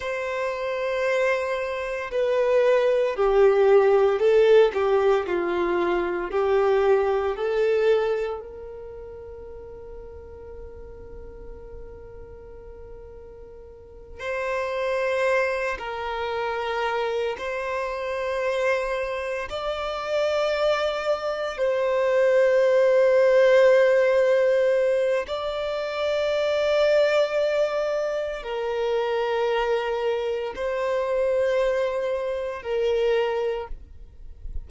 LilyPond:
\new Staff \with { instrumentName = "violin" } { \time 4/4 \tempo 4 = 57 c''2 b'4 g'4 | a'8 g'8 f'4 g'4 a'4 | ais'1~ | ais'4. c''4. ais'4~ |
ais'8 c''2 d''4.~ | d''8 c''2.~ c''8 | d''2. ais'4~ | ais'4 c''2 ais'4 | }